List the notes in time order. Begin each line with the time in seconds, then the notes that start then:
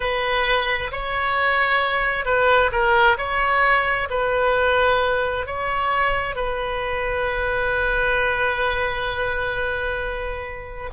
0.00 B4
0.91 C#5
2.25 B4
2.71 A#4
3.17 C#5
4.10 B4
5.46 C#5
6.35 B4